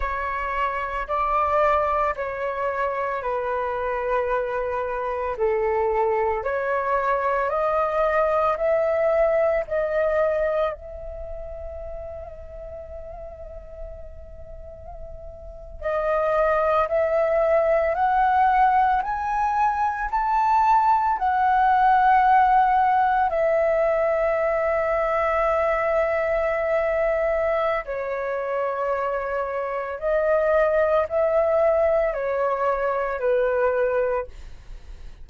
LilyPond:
\new Staff \with { instrumentName = "flute" } { \time 4/4 \tempo 4 = 56 cis''4 d''4 cis''4 b'4~ | b'4 a'4 cis''4 dis''4 | e''4 dis''4 e''2~ | e''2~ e''8. dis''4 e''16~ |
e''8. fis''4 gis''4 a''4 fis''16~ | fis''4.~ fis''16 e''2~ e''16~ | e''2 cis''2 | dis''4 e''4 cis''4 b'4 | }